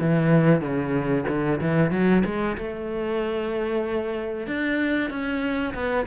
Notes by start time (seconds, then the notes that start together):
0.00 E3
0.61 C#3
1.28 D3
1.61 E3
1.91 F#3
2.25 G#3
2.57 A3
4.47 D4
5.10 C#4
5.74 B3